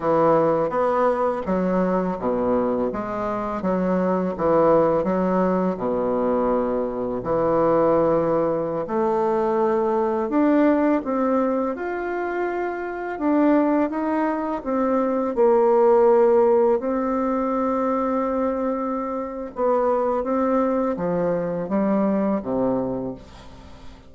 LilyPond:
\new Staff \with { instrumentName = "bassoon" } { \time 4/4 \tempo 4 = 83 e4 b4 fis4 b,4 | gis4 fis4 e4 fis4 | b,2 e2~ | e16 a2 d'4 c'8.~ |
c'16 f'2 d'4 dis'8.~ | dis'16 c'4 ais2 c'8.~ | c'2. b4 | c'4 f4 g4 c4 | }